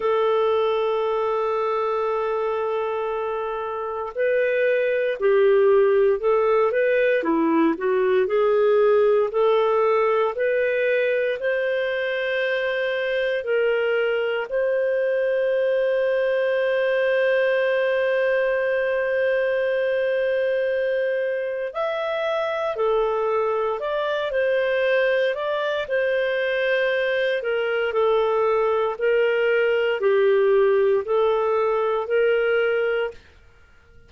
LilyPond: \new Staff \with { instrumentName = "clarinet" } { \time 4/4 \tempo 4 = 58 a'1 | b'4 g'4 a'8 b'8 e'8 fis'8 | gis'4 a'4 b'4 c''4~ | c''4 ais'4 c''2~ |
c''1~ | c''4 e''4 a'4 d''8 c''8~ | c''8 d''8 c''4. ais'8 a'4 | ais'4 g'4 a'4 ais'4 | }